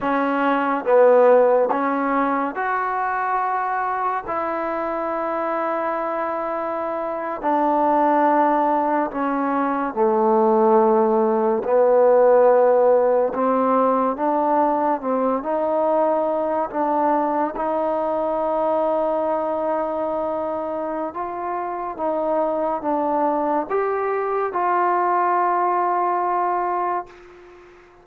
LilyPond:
\new Staff \with { instrumentName = "trombone" } { \time 4/4 \tempo 4 = 71 cis'4 b4 cis'4 fis'4~ | fis'4 e'2.~ | e'8. d'2 cis'4 a16~ | a4.~ a16 b2 c'16~ |
c'8. d'4 c'8 dis'4. d'16~ | d'8. dis'2.~ dis'16~ | dis'4 f'4 dis'4 d'4 | g'4 f'2. | }